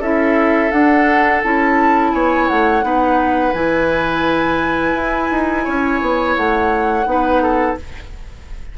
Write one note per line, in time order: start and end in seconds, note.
0.00 0.71 C#4
0.00 0.71 E4
0.00 2.12 A4
0.00 0.71 E5
0.71 1.41 D4
0.71 1.43 D4
0.71 1.42 F#5
1.43 2.13 C#4
1.43 2.82 E4
1.43 2.13 A5
2.13 2.49 B3
2.13 2.85 C#5
2.13 2.48 G#5
2.48 2.83 A3
2.48 3.53 F#5
2.82 3.53 B3
2.82 3.53 D#4
2.82 5.64 B4
3.53 4.94 E3
3.53 7.06 E4
3.53 6.35 G#5
4.94 5.30 E4
5.31 5.66 D#4
5.64 6.01 C#4
5.64 7.05 C#5
6.01 6.36 B3
6.36 7.05 A3
6.36 7.77 F#5
7.05 7.76 B3
7.05 7.76 D#4
7.05 7.42 B4
7.42 7.78 A4